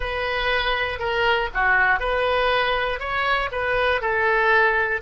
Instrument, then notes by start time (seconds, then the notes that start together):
oboe
0.00 B4
0.99 A#4
1.53 F#4
1.99 B4
2.99 C#5
3.51 B4
4.01 A4